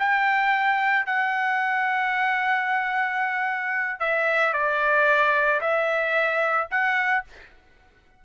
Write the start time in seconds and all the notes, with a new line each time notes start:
0.00 G5
1.06 F#5
4.00 E5
4.54 D5
5.61 E5
6.71 F#5